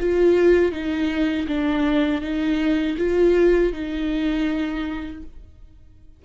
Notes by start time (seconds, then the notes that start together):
0.00 F4
0.72 D#4
1.48 D4
2.22 D#4
2.98 F4
3.73 D#4